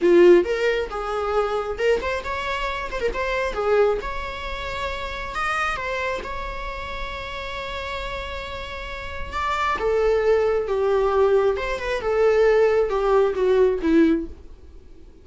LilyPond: \new Staff \with { instrumentName = "viola" } { \time 4/4 \tempo 4 = 135 f'4 ais'4 gis'2 | ais'8 c''8 cis''4. c''16 ais'16 c''4 | gis'4 cis''2. | dis''4 c''4 cis''2~ |
cis''1~ | cis''4 d''4 a'2 | g'2 c''8 b'8 a'4~ | a'4 g'4 fis'4 e'4 | }